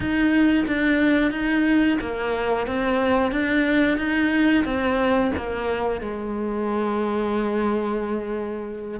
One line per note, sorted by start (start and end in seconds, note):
0.00 0.65 D#4
0.67 1.31 D4
1.31 1.98 D#4
2.00 2.66 A#3
2.66 3.31 C4
3.31 3.97 D4
3.97 4.64 D#4
4.65 5.31 C4
5.36 6.01 A#3
6.01 8.99 G#3